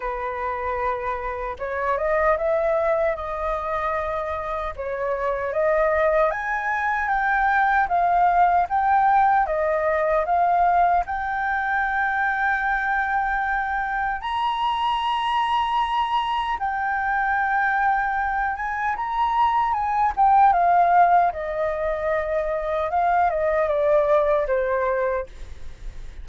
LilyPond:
\new Staff \with { instrumentName = "flute" } { \time 4/4 \tempo 4 = 76 b'2 cis''8 dis''8 e''4 | dis''2 cis''4 dis''4 | gis''4 g''4 f''4 g''4 | dis''4 f''4 g''2~ |
g''2 ais''2~ | ais''4 g''2~ g''8 gis''8 | ais''4 gis''8 g''8 f''4 dis''4~ | dis''4 f''8 dis''8 d''4 c''4 | }